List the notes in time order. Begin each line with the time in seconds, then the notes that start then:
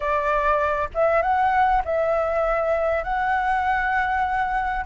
0.00 D5
0.94 E5
1.21 F#5
1.85 E5
3.03 F#5